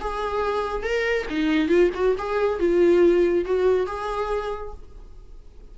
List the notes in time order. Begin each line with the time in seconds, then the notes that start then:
0.00 G#4
0.83 A#4
1.29 D#4
1.68 F4
1.94 F#4
2.18 G#4
2.59 F4
3.45 F#4
3.86 G#4